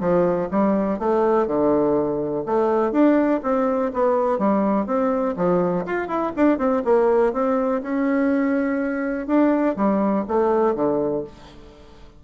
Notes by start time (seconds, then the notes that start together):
0.00 F3
0.51 G3
0.99 A3
1.47 D3
2.46 A3
2.92 D4
3.43 C4
3.94 B3
4.39 G3
4.86 C4
5.37 F3
5.86 F4
6.08 E4
6.36 D4
6.58 C4
6.85 A#3
7.33 C4
7.82 C#4
9.27 D4
9.76 G3
10.28 A3
10.75 D3